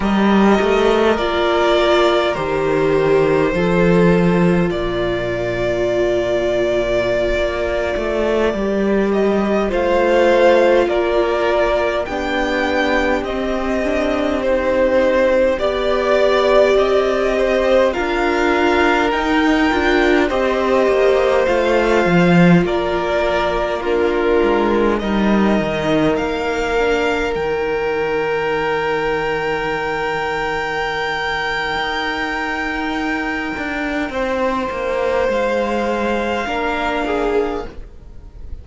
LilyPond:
<<
  \new Staff \with { instrumentName = "violin" } { \time 4/4 \tempo 4 = 51 dis''4 d''4 c''2 | d''2.~ d''8. dis''16~ | dis''16 f''4 d''4 g''4 dis''8.~ | dis''16 c''4 d''4 dis''4 f''8.~ |
f''16 g''4 dis''4 f''4 d''8.~ | d''16 ais'4 dis''4 f''4 g''8.~ | g''1~ | g''2 f''2 | }
  \new Staff \with { instrumentName = "violin" } { \time 4/4 ais'2. a'4 | ais'1~ | ais'16 c''4 ais'4 g'4.~ g'16~ | g'4~ g'16 d''4. c''8 ais'8.~ |
ais'4~ ais'16 c''2 ais'8.~ | ais'16 f'4 ais'2~ ais'8.~ | ais'1~ | ais'4 c''2 ais'8 gis'8 | }
  \new Staff \with { instrumentName = "viola" } { \time 4/4 g'4 f'4 g'4 f'4~ | f'2.~ f'16 g'8.~ | g'16 f'2 d'4 c'8 d'16~ | d'16 dis'4 g'2 f'8.~ |
f'16 dis'8 f'8 g'4 f'4.~ f'16~ | f'16 d'4 dis'4. d'8 dis'8.~ | dis'1~ | dis'2. d'4 | }
  \new Staff \with { instrumentName = "cello" } { \time 4/4 g8 a8 ais4 dis4 f4 | ais,2~ ais,16 ais8 a8 g8.~ | g16 a4 ais4 b4 c'8.~ | c'4~ c'16 b4 c'4 d'8.~ |
d'16 dis'8 d'8 c'8 ais8 a8 f8 ais8.~ | ais8. gis8 g8 dis8 ais4 dis8.~ | dis2. dis'4~ | dis'8 d'8 c'8 ais8 gis4 ais4 | }
>>